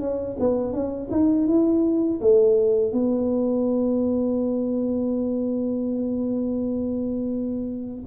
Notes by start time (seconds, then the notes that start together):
0.00 C#4
0.40 B3
0.73 C#4
1.11 D#4
1.47 E4
2.21 A3
2.92 B3